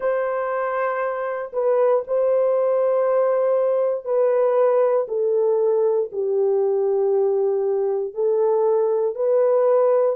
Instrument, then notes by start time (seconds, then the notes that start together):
horn
0.00 C5
1.53 B4
2.07 C5
4.04 B4
5.08 A4
6.12 G4
8.14 A4
9.15 B4